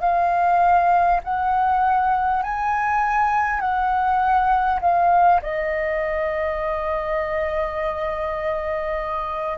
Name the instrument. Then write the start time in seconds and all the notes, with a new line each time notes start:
flute
0.00 F5
1.23 F#5
2.42 G#5
3.60 F#5
4.81 F5
5.42 D#5